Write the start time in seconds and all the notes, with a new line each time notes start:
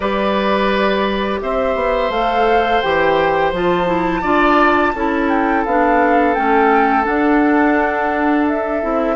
0.00 G3 G4 B4 D5
1.41 C4 C5 E5
1.75 B3
2.09 A3 A4 F5
2.81 E3 G4 G5
3.52 F3 F4 A5
3.86 E4
4.21 D4 F4 D5
4.94 C#4 E4 A4
5.28 G5
5.65 B3 D4 F5
6.34 A3 C#4 G5
7.03 D4 F#5
8.47 E5
8.81 C4 E4